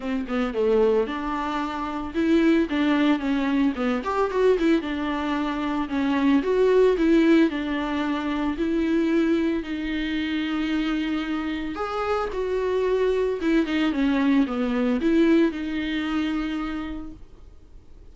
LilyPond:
\new Staff \with { instrumentName = "viola" } { \time 4/4 \tempo 4 = 112 c'8 b8 a4 d'2 | e'4 d'4 cis'4 b8 g'8 | fis'8 e'8 d'2 cis'4 | fis'4 e'4 d'2 |
e'2 dis'2~ | dis'2 gis'4 fis'4~ | fis'4 e'8 dis'8 cis'4 b4 | e'4 dis'2. | }